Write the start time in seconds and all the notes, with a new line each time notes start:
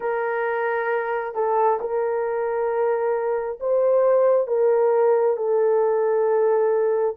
0.00 A#4
1.34 A4
1.80 A#4
3.60 C5
4.47 A#4
5.36 A4